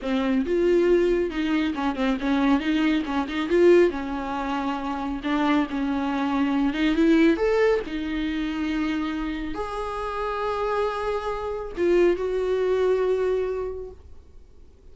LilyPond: \new Staff \with { instrumentName = "viola" } { \time 4/4 \tempo 4 = 138 c'4 f'2 dis'4 | cis'8 c'8 cis'4 dis'4 cis'8 dis'8 | f'4 cis'2. | d'4 cis'2~ cis'8 dis'8 |
e'4 a'4 dis'2~ | dis'2 gis'2~ | gis'2. f'4 | fis'1 | }